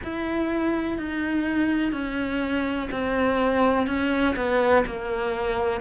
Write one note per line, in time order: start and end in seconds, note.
0.03 0.98 E4
0.98 1.92 D#4
1.92 2.89 C#4
2.91 3.86 C4
3.86 4.35 C#4
4.35 4.84 B3
4.86 5.80 A#3